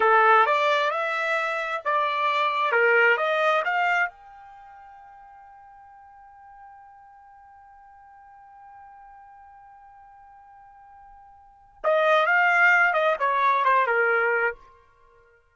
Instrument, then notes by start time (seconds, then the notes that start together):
trumpet
0.00 A4
0.46 D5
0.90 E5
1.84 D5
2.71 A#4
3.17 D#5
3.64 F5
4.09 G5
11.83 D#5
12.26 F5
12.93 D#5
13.19 C#5
13.64 C5
13.87 A#4